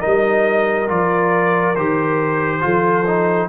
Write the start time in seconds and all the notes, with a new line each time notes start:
0.00 G3 D#4 A#4 D#5
0.88 F3 F4 D5
1.76 D#3 G4 C5
2.61 F3 F4 A4
3.07 D#4